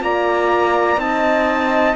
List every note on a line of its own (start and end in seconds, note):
0.00 0.97 A#3
0.00 0.96 F4
0.00 1.01 D5
0.00 1.00 A#5
0.96 1.95 C4
0.96 1.95 D#4
0.96 1.95 D#5
0.96 1.95 A5